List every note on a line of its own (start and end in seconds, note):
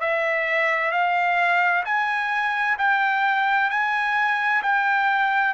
0.00 0.91 E5
0.91 1.84 F5
1.85 2.77 G#5
2.78 3.70 G5
3.70 4.62 G#5
4.62 5.54 G5